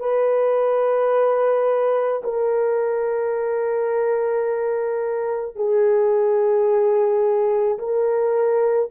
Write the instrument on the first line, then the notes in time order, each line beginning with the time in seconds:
horn
0.00 B4
2.24 A#4
5.56 G#4
7.79 A#4